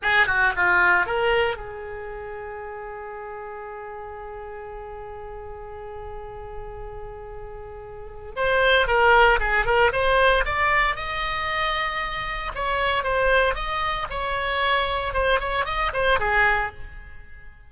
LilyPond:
\new Staff \with { instrumentName = "oboe" } { \time 4/4 \tempo 4 = 115 gis'8 fis'8 f'4 ais'4 gis'4~ | gis'1~ | gis'1~ | gis'1 |
c''4 ais'4 gis'8 ais'8 c''4 | d''4 dis''2. | cis''4 c''4 dis''4 cis''4~ | cis''4 c''8 cis''8 dis''8 c''8 gis'4 | }